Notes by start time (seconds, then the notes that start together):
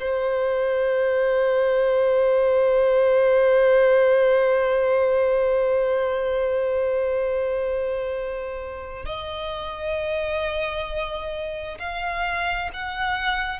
0.00 C5
9.06 D#5
11.80 F5
12.74 F#5